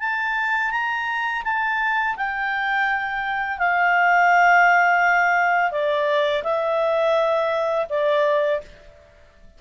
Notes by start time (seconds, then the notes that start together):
0.00 A5
0.71 A#5
1.44 A5
2.17 G5
3.58 F5
5.71 D5
6.44 E5
7.89 D5